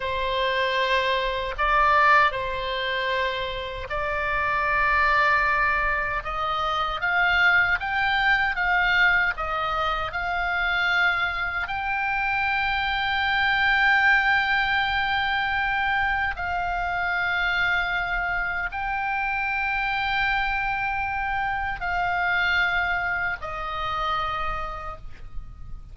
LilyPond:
\new Staff \with { instrumentName = "oboe" } { \time 4/4 \tempo 4 = 77 c''2 d''4 c''4~ | c''4 d''2. | dis''4 f''4 g''4 f''4 | dis''4 f''2 g''4~ |
g''1~ | g''4 f''2. | g''1 | f''2 dis''2 | }